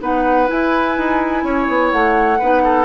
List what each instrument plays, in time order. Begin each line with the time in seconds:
0.00 bassoon B3, clarinet D#4, oboe B4, flute F#5
0.47 clarinet E4, bassoon E4, flute G#5
0.97 bassoon D#4
1.43 bassoon C#4, oboe C#5
1.68 bassoon B3
1.90 bassoon A3, flute F#5
2.38 bassoon B3, clarinet D#4, oboe B4
2.63 oboe A4